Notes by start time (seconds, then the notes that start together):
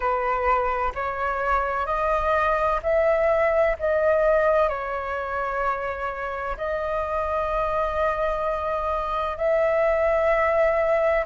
0.00 B4
0.95 C#5
1.86 D#5
2.82 E5
3.79 D#5
4.68 C#5
6.57 D#5
9.37 E5